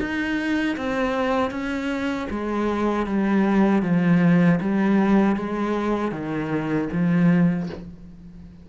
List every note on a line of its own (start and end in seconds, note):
0.00 0.77 D#4
0.77 1.51 C4
1.51 2.28 C#4
2.30 3.07 G#3
3.07 3.83 G3
3.83 4.60 F3
4.60 5.36 G3
5.36 6.12 G#3
6.12 6.89 D#3
6.92 7.69 F3